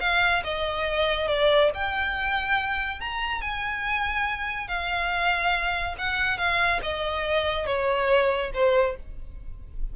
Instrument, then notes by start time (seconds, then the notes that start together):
violin
0.00 F5
0.44 D#5
1.28 D5
1.74 G5
3.00 A#5
3.41 G#5
4.68 F5
5.98 F#5
6.37 F5
6.82 D#5
7.66 C#5
8.53 C5